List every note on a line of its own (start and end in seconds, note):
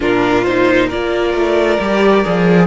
0.00 0.92 A#2
0.00 0.44 D4
0.00 0.86 F4
0.00 0.43 A#4
0.43 0.90 D#4
0.43 0.88 C5
0.86 1.80 F4
0.86 2.65 A#4
0.86 2.67 D5
0.93 1.33 A#3
1.33 1.78 A3
1.80 2.24 G3
1.80 2.24 G4
2.24 2.67 F3
2.24 2.67 G#4